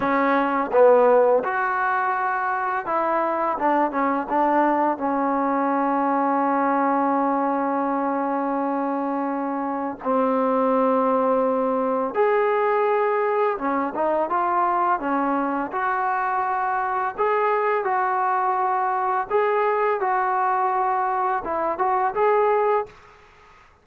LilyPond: \new Staff \with { instrumentName = "trombone" } { \time 4/4 \tempo 4 = 84 cis'4 b4 fis'2 | e'4 d'8 cis'8 d'4 cis'4~ | cis'1~ | cis'2 c'2~ |
c'4 gis'2 cis'8 dis'8 | f'4 cis'4 fis'2 | gis'4 fis'2 gis'4 | fis'2 e'8 fis'8 gis'4 | }